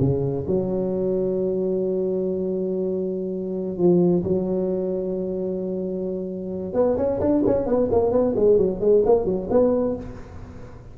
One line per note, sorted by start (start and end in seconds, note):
0.00 0.46 C#3
0.47 3.77 F#3
3.77 4.23 F3
4.24 6.74 F#3
6.74 6.97 B3
6.97 7.20 C#4
7.21 7.43 D4
7.47 7.67 C#4
7.67 7.89 B3
7.92 8.12 A#3
8.12 8.35 B3
8.36 8.58 G#3
8.58 8.80 F#3
8.80 9.03 G#3
9.06 9.25 A#3
9.25 9.48 F#3
9.51 9.96 B3